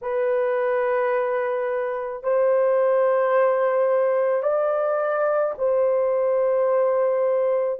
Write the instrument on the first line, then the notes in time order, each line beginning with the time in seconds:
horn
0.01 B4
2.23 C5
4.42 D5
5.58 C5